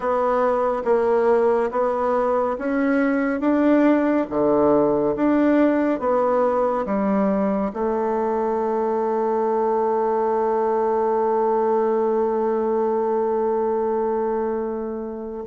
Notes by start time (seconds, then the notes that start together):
0.00 B3
0.85 A#3
1.71 B3
2.58 C#4
3.40 D4
4.29 D3
5.16 D4
5.99 B3
6.85 G3
7.73 A3